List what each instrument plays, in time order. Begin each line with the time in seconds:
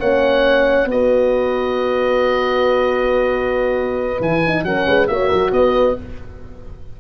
0.00 tuba A#3, horn C#4 C#5, oboe F#5
0.86 tuba B3, horn F#4 B4, oboe D#5
4.20 tuba E3, horn E4, oboe G#5
4.47 horn D#4
4.63 tuba F#3, horn C#4 A#4, oboe F#5
4.87 tuba G#3, horn B4
5.07 tuba A#3, horn F#4 C#5, oboe E5
5.29 tuba F#3, horn A#4
5.52 tuba B3, horn B4, oboe D#5